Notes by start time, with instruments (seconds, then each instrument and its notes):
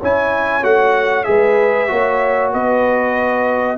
0.00 tuba C#4, trombone E4, horn C#5, trumpet G#5
0.63 tuba A3, trombone F#4, trumpet F#5
1.24 tuba G#3, trombone G#4, horn B4, trumpet E5
1.88 tuba A#3, trombone F#4, horn C#5
2.53 tuba B3, horn B4, trumpet D#5